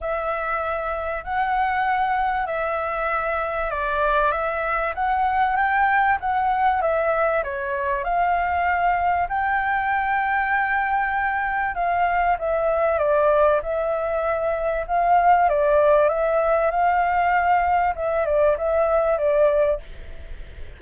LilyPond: \new Staff \with { instrumentName = "flute" } { \time 4/4 \tempo 4 = 97 e''2 fis''2 | e''2 d''4 e''4 | fis''4 g''4 fis''4 e''4 | cis''4 f''2 g''4~ |
g''2. f''4 | e''4 d''4 e''2 | f''4 d''4 e''4 f''4~ | f''4 e''8 d''8 e''4 d''4 | }